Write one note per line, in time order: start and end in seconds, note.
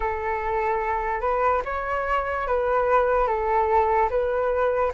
0.00 1.20 A4
1.20 1.61 B4
1.64 2.47 C#5
2.47 3.27 B4
3.27 4.09 A4
4.09 4.92 B4